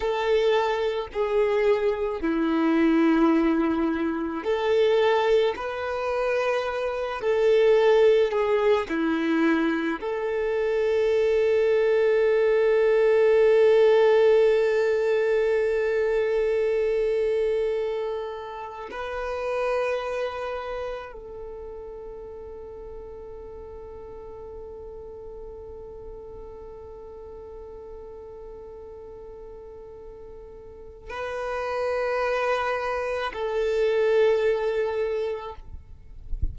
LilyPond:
\new Staff \with { instrumentName = "violin" } { \time 4/4 \tempo 4 = 54 a'4 gis'4 e'2 | a'4 b'4. a'4 gis'8 | e'4 a'2.~ | a'1~ |
a'4 b'2 a'4~ | a'1~ | a'1 | b'2 a'2 | }